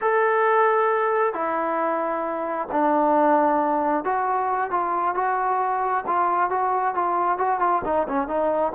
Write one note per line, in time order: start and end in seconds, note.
0.01 1.33 A4
1.33 2.67 E4
2.71 4.04 D4
4.04 4.70 F#4
4.70 5.14 F4
5.14 6.04 F#4
6.07 6.49 F4
6.49 6.94 F#4
6.94 7.37 F4
7.37 7.59 F#4
7.59 7.82 F4
7.84 8.07 D#4
8.08 8.27 C#4
8.27 8.72 D#4